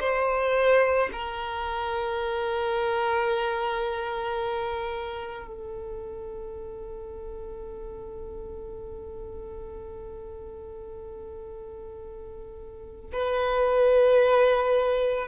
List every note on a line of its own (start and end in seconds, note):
0.00 1.09 C5
1.13 5.47 A#4
5.47 13.11 A4
13.13 15.28 B4